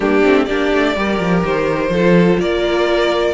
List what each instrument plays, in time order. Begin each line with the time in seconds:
0.00 cello G3, viola A#3, violin D4 G4
0.23 cello A3, viola C4
0.45 cello A#3, viola D4, violin G4 D5
0.72 cello A3
0.95 cello G3, viola G4, violin A#4
1.19 cello F3
1.44 cello D#3, violin C5
1.89 cello F3, violin A4
1.95 viola F4
2.39 cello A#3, violin A#4 D5